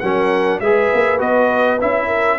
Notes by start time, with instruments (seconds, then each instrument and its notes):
0.00 tuba F#3, trombone C#4, horn A#4, trumpet F#5
0.60 tuba G#3, trombone G#4, horn B4, trumpet E5
0.93 tuba A#3
1.18 tuba B3, trombone F#4, trumpet D#5
1.80 tuba C#4, trombone E4, trumpet E5
2.07 horn A#4